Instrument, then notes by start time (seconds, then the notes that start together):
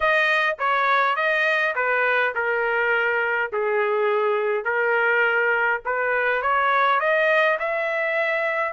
trumpet
0.00 D#5
0.58 C#5
1.16 D#5
1.75 B4
2.34 A#4
3.52 G#4
4.64 A#4
5.85 B4
6.42 C#5
7.00 D#5
7.59 E5